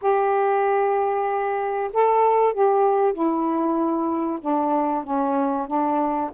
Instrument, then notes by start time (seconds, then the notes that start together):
saxophone
0.01 G4
1.93 A4
2.53 G4
3.13 E4
4.40 D4
5.04 C#4
5.67 D4